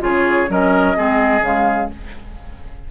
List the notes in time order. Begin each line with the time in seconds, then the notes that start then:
0.00 C#3 F4 G#4 C#5
0.49 F#3 C#4 A#4 D#5
0.95 G#3 C4 G#4
1.40 C#3 G#3 F5